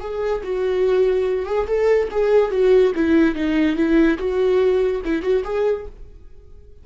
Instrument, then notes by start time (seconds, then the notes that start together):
viola
0.00 G#4
0.43 F#4
1.46 G#4
1.67 A4
2.11 G#4
2.51 F#4
2.95 E4
3.35 D#4
3.76 E4
4.18 F#4
5.04 E4
5.22 F#4
5.44 G#4